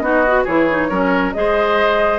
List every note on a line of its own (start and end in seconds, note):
0.00 0.46 B3
0.00 0.25 D#4
0.00 0.44 F#4
0.00 0.44 D#5
0.28 0.48 F#4
0.44 0.91 E3
0.44 0.70 E4
0.44 0.88 G#4
0.44 1.33 C#5
0.70 0.91 D#4
0.90 1.34 F#3
0.90 1.35 C#4
0.90 1.34 A#4
1.33 2.19 G#3
1.33 2.19 G#4
1.33 2.19 C5
1.33 2.19 D#5